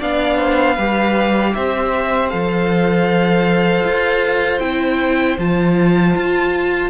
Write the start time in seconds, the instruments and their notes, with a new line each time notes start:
0.00 cello B3, viola D4, violin D5 F5
0.38 violin C5
0.75 cello G3, viola G4, violin B4
1.54 cello C4, violin C5 E5
2.29 cello F3, viola A4, violin F5
3.84 cello F4
4.60 cello C4, viola E4, violin G5
5.38 cello F3, viola F4, violin A5
6.16 cello F4